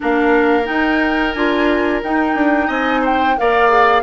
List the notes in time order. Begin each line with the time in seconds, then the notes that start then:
0.00 A#3 D4 A#4 F5
0.64 D#4 G5
1.32 D4 F4 G#5
2.03 D#4 G5
2.35 D4
2.67 C4 D#5 G#5
3.01 C5 G5
3.37 A#3 A#4 D5 F5
3.68 G#4